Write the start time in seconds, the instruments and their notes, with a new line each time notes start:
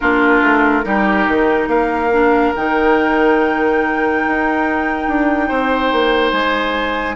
0.00 bassoon A#3, clarinet D4, oboe F4, flute A#4
0.42 bassoon A3
0.83 bassoon G3, clarinet D#4, oboe G4
1.27 bassoon D#3
1.67 bassoon A#3, oboe A#4, flute F5
2.12 clarinet D4
2.55 bassoon D#3, clarinet D#4, flute G5
4.27 bassoon D#4
5.08 bassoon D4
5.48 bassoon C4, oboe C5
5.92 bassoon A#3
6.30 bassoon G#3, flute G#5